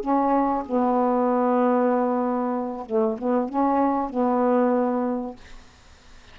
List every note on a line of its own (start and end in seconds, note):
0.00 0.63 C#4
0.65 2.86 B3
2.86 3.18 A3
3.18 3.49 B3
3.49 4.09 C#4
4.09 5.35 B3